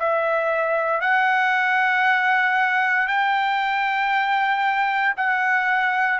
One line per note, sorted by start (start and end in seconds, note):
0.00 1.01 E5
1.01 3.08 F#5
3.08 5.15 G5
5.17 6.20 F#5